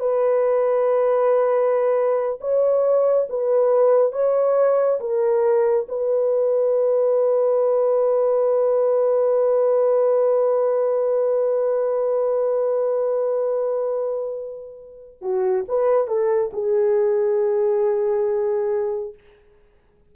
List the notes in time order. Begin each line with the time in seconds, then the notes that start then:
0.00 B4
2.41 C#5
3.30 B4
4.13 C#5
5.00 A#4
5.89 B4
15.22 F#4
15.68 B4
16.08 A4
16.53 G#4